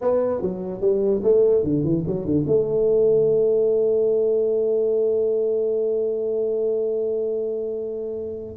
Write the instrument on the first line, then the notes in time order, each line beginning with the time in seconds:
tuba
0.01 B3
0.41 F#3
0.81 G3
1.23 A3
1.63 D3
1.84 E3
2.06 F#3
2.25 D3
2.47 A3